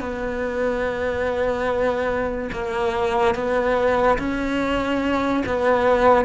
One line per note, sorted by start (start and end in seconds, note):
0.00 2.50 B3
2.52 3.34 A#3
3.34 4.18 B3
4.19 5.44 C#4
5.46 6.25 B3